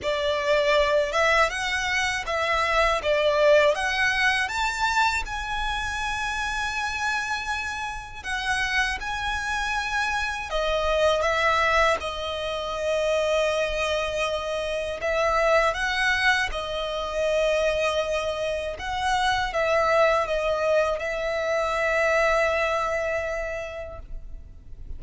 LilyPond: \new Staff \with { instrumentName = "violin" } { \time 4/4 \tempo 4 = 80 d''4. e''8 fis''4 e''4 | d''4 fis''4 a''4 gis''4~ | gis''2. fis''4 | gis''2 dis''4 e''4 |
dis''1 | e''4 fis''4 dis''2~ | dis''4 fis''4 e''4 dis''4 | e''1 | }